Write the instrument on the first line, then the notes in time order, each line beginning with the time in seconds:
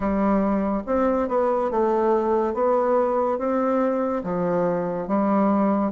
bassoon
0.00 G3
0.86 C4
1.28 B3
1.71 A3
2.54 B3
3.38 C4
4.23 F3
5.07 G3